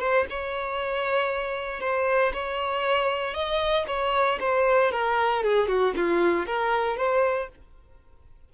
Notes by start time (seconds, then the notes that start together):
0.00 C5
0.31 C#5
1.81 C5
2.34 C#5
3.34 D#5
3.88 C#5
4.40 C5
4.92 A#4
5.44 G#4
5.68 F#4
5.96 F4
6.47 A#4
6.97 C5